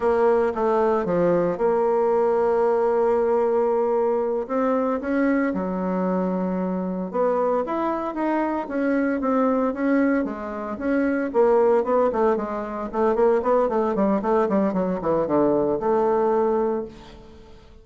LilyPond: \new Staff \with { instrumentName = "bassoon" } { \time 4/4 \tempo 4 = 114 ais4 a4 f4 ais4~ | ais1~ | ais8 c'4 cis'4 fis4.~ | fis4. b4 e'4 dis'8~ |
dis'8 cis'4 c'4 cis'4 gis8~ | gis8 cis'4 ais4 b8 a8 gis8~ | gis8 a8 ais8 b8 a8 g8 a8 g8 | fis8 e8 d4 a2 | }